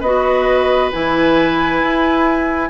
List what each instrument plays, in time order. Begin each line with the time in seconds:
0.00 bassoon B3, clarinet F#4, oboe B4, flute D#5
0.92 bassoon E3, clarinet E4, flute G#5
1.82 bassoon E4